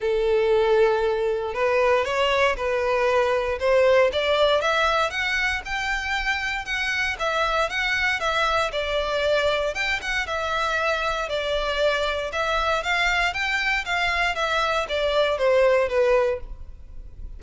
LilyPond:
\new Staff \with { instrumentName = "violin" } { \time 4/4 \tempo 4 = 117 a'2. b'4 | cis''4 b'2 c''4 | d''4 e''4 fis''4 g''4~ | g''4 fis''4 e''4 fis''4 |
e''4 d''2 g''8 fis''8 | e''2 d''2 | e''4 f''4 g''4 f''4 | e''4 d''4 c''4 b'4 | }